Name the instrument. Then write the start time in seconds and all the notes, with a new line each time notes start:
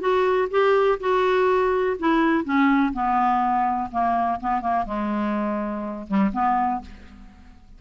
clarinet
0.00 F#4
0.50 G4
1.00 F#4
1.99 E4
2.44 C#4
2.93 B3
3.92 A#3
4.40 B3
4.61 A#3
4.86 G#3
6.07 G3
6.33 B3